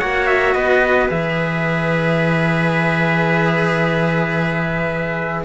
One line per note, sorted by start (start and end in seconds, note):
0.00 0.55 A#3
0.00 1.09 F#4
0.00 0.55 C#5
0.00 0.27 F#5
0.27 0.54 E5
0.54 1.10 B3
0.54 5.46 B4
0.54 1.09 D#5
1.09 5.46 E3
1.09 5.45 G#4
1.09 5.46 E5